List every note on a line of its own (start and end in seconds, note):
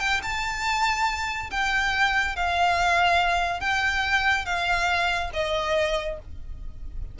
0.00 0.21 G5
0.23 1.50 A5
1.51 2.36 G5
2.36 3.61 F5
3.61 4.46 G5
4.46 5.31 F5
5.34 6.19 D#5